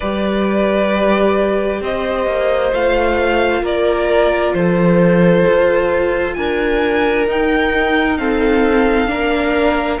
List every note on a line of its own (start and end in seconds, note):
0.00 1.80 G3
0.00 2.71 G4
0.00 1.80 B4
0.00 1.81 D5
1.80 2.26 C4
1.80 3.62 C5
1.80 2.73 D#5
2.26 2.72 A#3
2.71 3.62 A3
2.71 7.26 F4
2.71 3.64 F5
3.62 4.53 A#3
3.62 4.53 A#4
3.62 4.53 D5
4.53 5.44 F3
4.53 6.37 A4
4.53 6.34 C5
5.48 6.37 F4
6.34 7.27 D4
6.34 8.19 A#4
6.34 7.25 G#5
7.27 9.08 D#4
7.27 8.18 D#4
7.27 8.17 G5
8.17 9.07 C4
8.17 9.10 A4
8.17 9.99 F5
9.07 9.99 A#3
9.07 9.98 D4
9.07 10.00 A#4